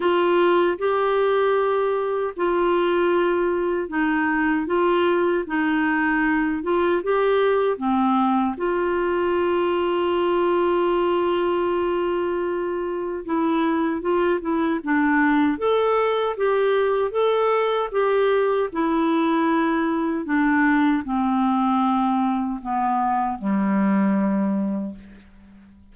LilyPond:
\new Staff \with { instrumentName = "clarinet" } { \time 4/4 \tempo 4 = 77 f'4 g'2 f'4~ | f'4 dis'4 f'4 dis'4~ | dis'8 f'8 g'4 c'4 f'4~ | f'1~ |
f'4 e'4 f'8 e'8 d'4 | a'4 g'4 a'4 g'4 | e'2 d'4 c'4~ | c'4 b4 g2 | }